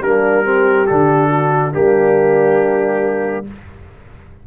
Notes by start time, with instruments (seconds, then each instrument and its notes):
0.00 tuba G3, trombone A#3, horn D4, trumpet A#4
0.43 trombone C4, horn G4
0.86 tuba D3, trombone D4, trumpet A4
1.29 horn F#4
1.72 tuba G3, trombone A#3, horn D4, trumpet G4